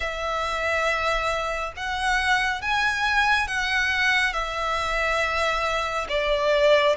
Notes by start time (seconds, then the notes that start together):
0.00 E5
1.76 F#5
2.61 G#5
3.47 F#5
4.33 E5
6.09 D5